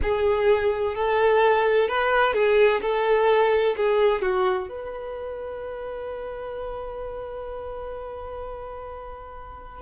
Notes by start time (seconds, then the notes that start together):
0.02 G#4
0.95 A4
1.88 B4
2.33 G#4
2.81 A4
3.76 G#4
4.21 F#4
4.69 B4